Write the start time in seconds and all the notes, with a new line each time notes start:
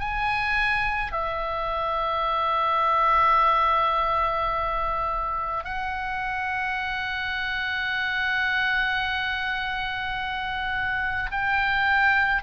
0.00 G#5
1.12 E5
5.65 F#5
11.32 G5